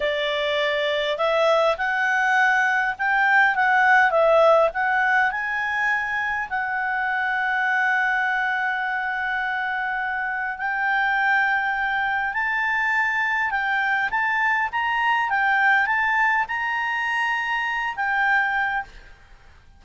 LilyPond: \new Staff \with { instrumentName = "clarinet" } { \time 4/4 \tempo 4 = 102 d''2 e''4 fis''4~ | fis''4 g''4 fis''4 e''4 | fis''4 gis''2 fis''4~ | fis''1~ |
fis''2 g''2~ | g''4 a''2 g''4 | a''4 ais''4 g''4 a''4 | ais''2~ ais''8 g''4. | }